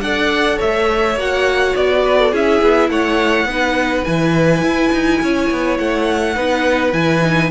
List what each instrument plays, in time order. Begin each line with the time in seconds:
0.00 cello D4, viola A4, violin D5 F#5
0.56 cello A3, violin C#5 E5
1.16 cello A#3, viola F#4, violin F#5
1.76 cello B3, violin D5
2.03 violin B4
2.18 violin A4
2.31 cello C#4, viola E4, violin G#4 E5
2.61 cello B3
2.89 cello A3, violin C#5 F#5
3.44 cello B3, viola D#4, violin B4
4.04 cello E3, viola E4, violin G#5
4.62 cello E4
4.92 cello D#4
5.21 cello C#4, violin C#5
5.51 cello B3
5.78 cello A3, violin F#5
6.35 cello B3, viola D#4, violin B4
6.92 cello E3, viola E4, violin G#5
7.23 viola D#4